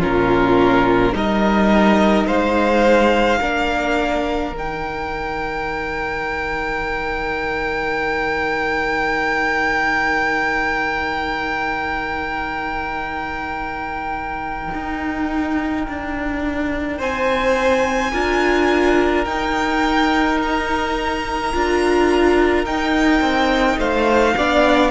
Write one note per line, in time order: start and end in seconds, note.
0.00 1.13 A#2
0.00 1.13 C#4
0.00 1.13 F4
0.00 1.15 A#4
1.13 2.26 G3
1.13 3.39 D#4
1.13 2.27 A#4
1.13 2.28 D#5
2.27 3.41 G#3
2.27 3.40 C5
2.27 4.54 F5
3.41 4.52 A#3
3.41 4.55 D4
3.41 16.99 A#4
4.52 14.71 D#3
4.52 17.01 G5
4.58 18.14 D#4
14.74 15.87 D#4
15.88 17.00 D4
16.99 18.14 C4
16.99 18.12 C5
16.99 19.25 G#5
18.13 19.26 D4
18.13 19.27 F4
18.13 23.79 A#4
19.25 21.52 D#4
19.25 21.54 D#4
19.25 20.38 G5
20.43 22.66 A#5
21.54 22.66 D4
21.54 22.67 F4
22.66 23.21 D#4
22.66 24.37 D#4
22.66 23.79 G5
23.21 23.78 C4
23.78 24.35 A3
23.78 24.35 C5
23.78 24.92 F5
24.37 24.92 B3
24.37 24.92 D4
24.37 24.92 D5